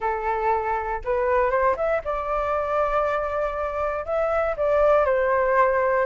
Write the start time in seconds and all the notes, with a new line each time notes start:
0.00 A4
1.04 B4
1.50 C5
1.76 E5
2.04 D5
4.05 E5
4.56 D5
5.05 C5